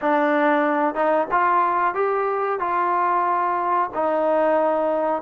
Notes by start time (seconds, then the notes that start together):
0.01 D4
0.94 D#4
1.31 F4
1.94 G4
2.59 F4
3.94 D#4